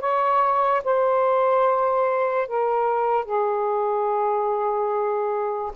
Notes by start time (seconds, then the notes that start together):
0.00 C#5
0.84 C5
2.48 A#4
3.25 G#4